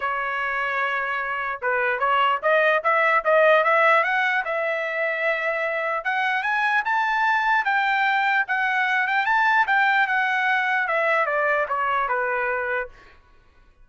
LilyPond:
\new Staff \with { instrumentName = "trumpet" } { \time 4/4 \tempo 4 = 149 cis''1 | b'4 cis''4 dis''4 e''4 | dis''4 e''4 fis''4 e''4~ | e''2. fis''4 |
gis''4 a''2 g''4~ | g''4 fis''4. g''8 a''4 | g''4 fis''2 e''4 | d''4 cis''4 b'2 | }